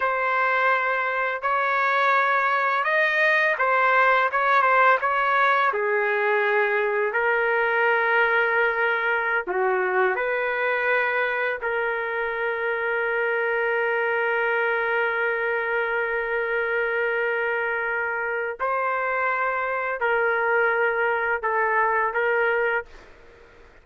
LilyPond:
\new Staff \with { instrumentName = "trumpet" } { \time 4/4 \tempo 4 = 84 c''2 cis''2 | dis''4 c''4 cis''8 c''8 cis''4 | gis'2 ais'2~ | ais'4~ ais'16 fis'4 b'4.~ b'16~ |
b'16 ais'2.~ ais'8.~ | ais'1~ | ais'2 c''2 | ais'2 a'4 ais'4 | }